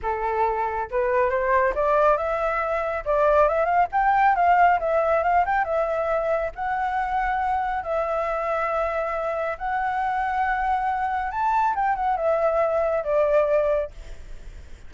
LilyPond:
\new Staff \with { instrumentName = "flute" } { \time 4/4 \tempo 4 = 138 a'2 b'4 c''4 | d''4 e''2 d''4 | e''8 f''8 g''4 f''4 e''4 | f''8 g''8 e''2 fis''4~ |
fis''2 e''2~ | e''2 fis''2~ | fis''2 a''4 g''8 fis''8 | e''2 d''2 | }